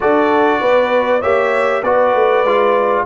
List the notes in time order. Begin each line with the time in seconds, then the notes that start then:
0.00 D4 F#4 A4 D5
0.60 B3 B4
1.20 A#3 G4 C#5 E5
1.83 B3 F#4 B4 D5
2.14 A3
2.43 G#3 F4